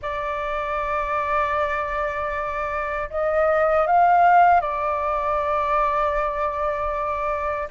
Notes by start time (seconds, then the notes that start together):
0.01 D5
3.10 D#5
3.87 F5
4.60 D5